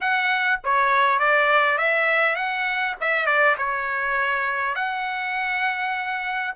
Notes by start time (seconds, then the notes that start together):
0.00 F#5
0.64 C#5
1.19 D5
1.78 E5
2.35 F#5
3.01 E5
3.25 D5
3.57 C#5
4.75 F#5